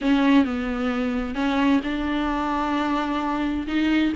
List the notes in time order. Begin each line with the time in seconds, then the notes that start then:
0.01 C#4
0.44 B3
1.34 C#4
1.83 D4
3.67 D#4